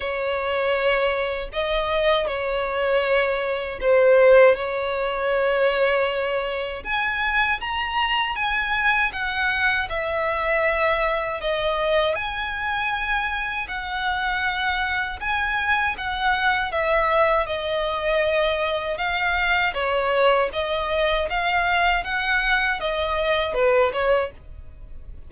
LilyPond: \new Staff \with { instrumentName = "violin" } { \time 4/4 \tempo 4 = 79 cis''2 dis''4 cis''4~ | cis''4 c''4 cis''2~ | cis''4 gis''4 ais''4 gis''4 | fis''4 e''2 dis''4 |
gis''2 fis''2 | gis''4 fis''4 e''4 dis''4~ | dis''4 f''4 cis''4 dis''4 | f''4 fis''4 dis''4 b'8 cis''8 | }